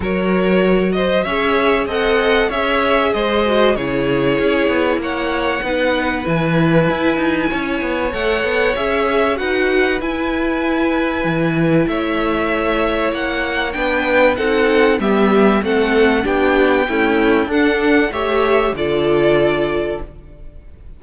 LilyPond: <<
  \new Staff \with { instrumentName = "violin" } { \time 4/4 \tempo 4 = 96 cis''4. dis''8 e''4 fis''4 | e''4 dis''4 cis''2 | fis''2 gis''2~ | gis''4 fis''4 e''4 fis''4 |
gis''2. e''4~ | e''4 fis''4 g''4 fis''4 | e''4 fis''4 g''2 | fis''4 e''4 d''2 | }
  \new Staff \with { instrumentName = "violin" } { \time 4/4 ais'4. c''8 cis''4 dis''4 | cis''4 c''4 gis'2 | cis''4 b'2. | cis''2. b'4~ |
b'2. cis''4~ | cis''2 b'4 a'4 | g'4 a'4 g'4 e'4 | d'4 cis''4 a'2 | }
  \new Staff \with { instrumentName = "viola" } { \time 4/4 fis'2 gis'4 a'4 | gis'4. fis'8 e'2~ | e'4 dis'4 e'2~ | e'4 a'4 gis'4 fis'4 |
e'1~ | e'2 d'4 dis'4 | b4 c'4 d'4 a4 | a'4 g'4 f'2 | }
  \new Staff \with { instrumentName = "cello" } { \time 4/4 fis2 cis'4 c'4 | cis'4 gis4 cis4 cis'8 b8 | ais4 b4 e4 e'8 dis'8 | cis'8 b8 a8 b8 cis'4 dis'4 |
e'2 e4 a4~ | a4 ais4 b4 c'4 | g4 a4 b4 cis'4 | d'4 a4 d2 | }
>>